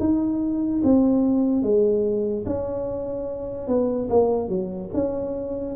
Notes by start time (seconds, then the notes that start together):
0.00 D#4
0.84 C4
1.63 G#3
2.46 C#4
3.68 B3
4.10 A#3
4.49 F#3
4.94 C#4